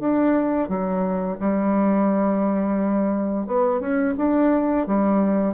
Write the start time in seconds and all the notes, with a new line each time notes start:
0.00 D4
0.69 F#3
1.40 G3
3.47 B3
3.80 C#4
4.18 D4
4.87 G3